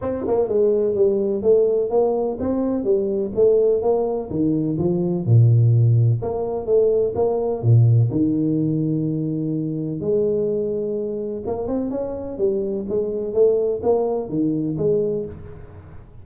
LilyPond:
\new Staff \with { instrumentName = "tuba" } { \time 4/4 \tempo 4 = 126 c'8 ais8 gis4 g4 a4 | ais4 c'4 g4 a4 | ais4 dis4 f4 ais,4~ | ais,4 ais4 a4 ais4 |
ais,4 dis2.~ | dis4 gis2. | ais8 c'8 cis'4 g4 gis4 | a4 ais4 dis4 gis4 | }